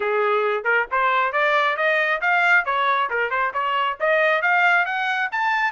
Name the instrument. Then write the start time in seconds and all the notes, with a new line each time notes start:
trumpet
0.00 G#4
0.64 A#4
0.91 C5
1.32 D5
1.76 D#5
2.21 F5
2.65 C#5
3.10 A#4
3.30 C5
3.53 C#5
3.99 D#5
4.41 F5
4.85 F#5
5.31 A5